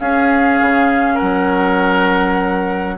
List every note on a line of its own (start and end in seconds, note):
0.00 0.60 C#4
0.00 2.99 C#4
0.00 1.15 G#4
0.00 1.18 F5
0.61 1.21 C#3
1.15 2.95 A#4
1.15 2.98 F#5
1.22 2.99 F#3